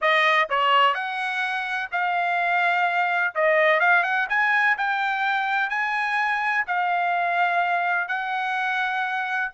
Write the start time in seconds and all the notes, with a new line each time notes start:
0.01 D#5
0.49 C#5
0.94 F#5
1.91 F5
3.34 D#5
3.80 F5
4.03 F#5
4.29 G#5
4.77 G5
5.69 G#5
6.66 F5
8.08 F#5